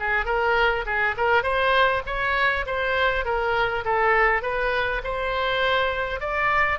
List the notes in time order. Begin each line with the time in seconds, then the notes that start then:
0.00 G#4
0.26 A#4
0.86 G#4
1.17 A#4
1.43 C5
2.07 C#5
2.67 C5
3.25 A#4
3.85 A4
4.43 B4
5.04 C5
6.21 D5